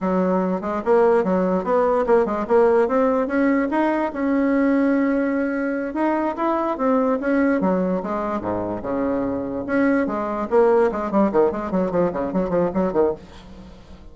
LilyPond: \new Staff \with { instrumentName = "bassoon" } { \time 4/4 \tempo 4 = 146 fis4. gis8 ais4 fis4 | b4 ais8 gis8 ais4 c'4 | cis'4 dis'4 cis'2~ | cis'2~ cis'8 dis'4 e'8~ |
e'8 c'4 cis'4 fis4 gis8~ | gis8 gis,4 cis2 cis'8~ | cis'8 gis4 ais4 gis8 g8 dis8 | gis8 fis8 f8 cis8 fis8 f8 fis8 dis8 | }